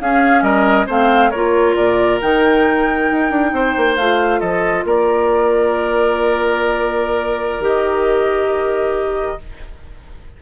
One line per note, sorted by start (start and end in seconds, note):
0.00 0.42 C#4
0.00 0.87 C#4
0.00 0.44 G#4
0.00 0.42 F5
0.42 0.86 G3
0.42 0.86 A#4
0.42 0.86 D#5
0.86 1.32 A3
0.86 1.31 C4
0.86 1.30 C5
0.86 1.30 F5
1.30 1.77 A#3
1.30 2.21 F4
1.30 3.51 A#4
1.30 1.74 C#5
1.75 2.21 A#2
1.75 2.19 D5
2.21 3.11 D#3
2.21 3.98 D#4
2.21 3.96 G5
3.11 3.30 D#4
3.30 3.52 D4
3.52 3.74 C4
3.52 4.40 C5
3.77 3.97 A#3
3.96 4.41 A3
3.96 7.62 F4
3.96 4.40 F5
4.40 4.84 F3
4.40 4.84 A4
4.40 4.84 D#5
4.84 7.60 A#3
4.84 9.38 A#4
4.84 7.63 D5
7.60 9.36 D#3
7.60 9.38 G4
7.60 9.42 D#5